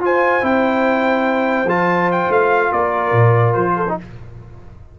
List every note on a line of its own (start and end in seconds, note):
0.00 0.42 F4
0.00 0.41 F4
0.00 2.74 C5
0.00 0.45 G#5
0.41 1.64 C4
0.41 1.66 E4
0.41 1.69 G5
1.64 2.27 F3
1.64 3.87 F4
1.64 2.11 A5
2.12 2.32 G5
2.29 2.70 A3
2.29 2.72 F5
2.72 3.12 A#3
2.72 3.75 A#4
2.72 3.53 D5
3.12 3.54 A#2
3.53 3.97 F3
3.53 3.95 C5
3.75 3.96 A4
3.89 3.99 D#4